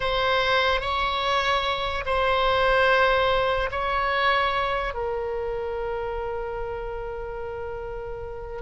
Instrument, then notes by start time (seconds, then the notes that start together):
oboe
0.00 C5
0.81 C#5
2.05 C5
3.71 C#5
4.94 A#4